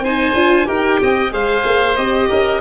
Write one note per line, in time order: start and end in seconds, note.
0.00 0.32 C4
0.00 0.36 D#4
0.00 0.68 C5
0.00 0.68 G#5
0.35 0.67 D4
0.35 0.65 F4
0.65 1.01 D#4
0.65 1.30 G4
0.65 1.00 A#4
0.65 1.33 G5
1.02 1.31 C4
1.02 1.33 D#5
1.31 1.64 G#3
1.31 1.96 G#4
1.31 2.30 C5
1.31 1.96 F5
1.65 1.97 A#3
1.96 2.30 C4
1.96 2.61 G4
1.96 2.61 D#5
2.30 2.61 C#4
2.30 2.61 A#4